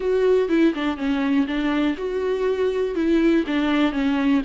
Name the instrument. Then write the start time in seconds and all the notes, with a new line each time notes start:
viola
0.00 F#4
0.49 E4
0.74 D4
0.97 C#4
1.47 D4
1.97 F#4
2.95 E4
3.46 D4
3.92 C#4